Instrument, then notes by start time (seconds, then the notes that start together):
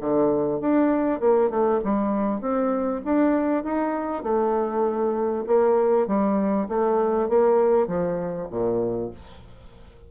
bassoon
0.00 D3
0.60 D4
1.20 A#3
1.49 A3
1.84 G3
2.40 C4
3.04 D4
3.63 D#4
4.23 A3
5.46 A#3
6.07 G3
6.68 A3
7.28 A#3
7.87 F3
8.50 A#2